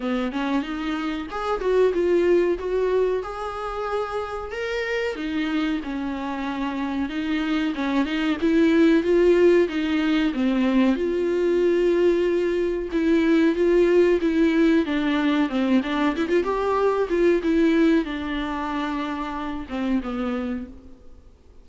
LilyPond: \new Staff \with { instrumentName = "viola" } { \time 4/4 \tempo 4 = 93 b8 cis'8 dis'4 gis'8 fis'8 f'4 | fis'4 gis'2 ais'4 | dis'4 cis'2 dis'4 | cis'8 dis'8 e'4 f'4 dis'4 |
c'4 f'2. | e'4 f'4 e'4 d'4 | c'8 d'8 e'16 f'16 g'4 f'8 e'4 | d'2~ d'8 c'8 b4 | }